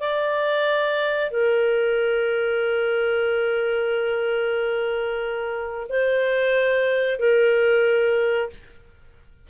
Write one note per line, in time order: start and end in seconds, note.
0.00 1.30 D5
1.31 5.87 A#4
5.89 7.19 C5
7.19 8.50 A#4